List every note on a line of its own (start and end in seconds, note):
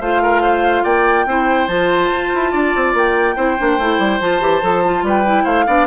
0.00 0.84 A3
0.00 1.27 F4
0.00 0.21 C5
0.00 0.84 F5
0.22 0.41 A#4
0.41 0.83 C5
0.83 1.25 A#3
0.83 1.25 D5
0.83 1.67 G5
1.25 1.67 C4
1.25 1.69 E4
1.25 2.51 C5
1.67 2.09 F3
1.67 3.36 F4
1.67 2.93 A5
2.11 2.32 F4
2.34 2.53 E4
2.51 2.74 D4
2.51 3.35 D5
2.75 2.93 C4
2.93 3.35 A#3
2.93 4.21 G5
3.35 3.58 C4
3.35 3.57 E4
3.35 5.03 C5
3.58 3.78 A#3
3.58 3.79 D4
3.78 3.98 A3
3.78 4.21 E4
3.98 4.19 G3
4.20 4.40 F3
4.20 4.40 F4
4.20 5.05 A5
4.40 4.61 E3
4.40 4.61 G4
4.62 5.02 F3
4.62 4.83 A4
4.84 5.25 F4
5.02 5.44 G3
5.02 5.44 B4
5.08 5.45 G5
5.25 5.67 E4
5.44 5.66 A3
5.44 5.65 C5
5.44 5.86 F5
5.66 5.86 B3
5.66 5.86 D4
5.66 5.86 D5